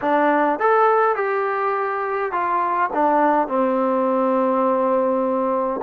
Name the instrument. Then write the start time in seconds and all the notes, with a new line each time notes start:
trombone
0.01 D4
0.59 A4
1.15 G4
2.31 F4
2.93 D4
3.48 C4